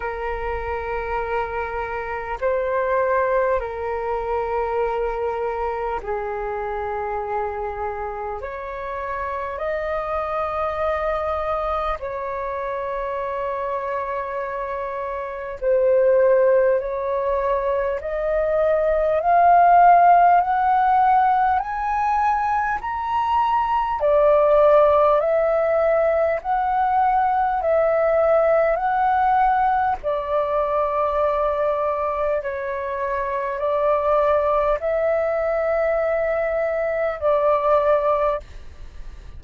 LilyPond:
\new Staff \with { instrumentName = "flute" } { \time 4/4 \tempo 4 = 50 ais'2 c''4 ais'4~ | ais'4 gis'2 cis''4 | dis''2 cis''2~ | cis''4 c''4 cis''4 dis''4 |
f''4 fis''4 gis''4 ais''4 | d''4 e''4 fis''4 e''4 | fis''4 d''2 cis''4 | d''4 e''2 d''4 | }